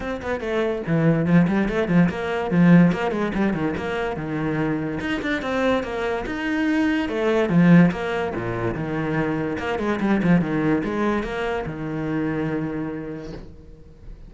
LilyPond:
\new Staff \with { instrumentName = "cello" } { \time 4/4 \tempo 4 = 144 c'8 b8 a4 e4 f8 g8 | a8 f8 ais4 f4 ais8 gis8 | g8 dis8 ais4 dis2 | dis'8 d'8 c'4 ais4 dis'4~ |
dis'4 a4 f4 ais4 | ais,4 dis2 ais8 gis8 | g8 f8 dis4 gis4 ais4 | dis1 | }